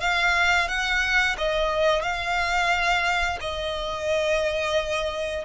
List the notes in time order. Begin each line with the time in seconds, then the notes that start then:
0.00 F5
0.68 F#5
1.38 D#5
2.02 F5
3.41 D#5